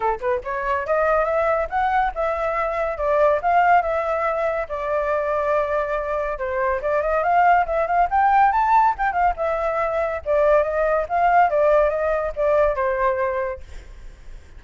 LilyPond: \new Staff \with { instrumentName = "flute" } { \time 4/4 \tempo 4 = 141 a'8 b'8 cis''4 dis''4 e''4 | fis''4 e''2 d''4 | f''4 e''2 d''4~ | d''2. c''4 |
d''8 dis''8 f''4 e''8 f''8 g''4 | a''4 g''8 f''8 e''2 | d''4 dis''4 f''4 d''4 | dis''4 d''4 c''2 | }